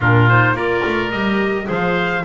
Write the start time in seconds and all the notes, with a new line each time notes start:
0.00 A#2 D4 F4 A#4
0.29 D#4 C5
0.53 A#3 F4 A#4 D5
0.84 A3
1.11 G3 G4 D#5
1.64 F3 G#4 C5
1.72 F5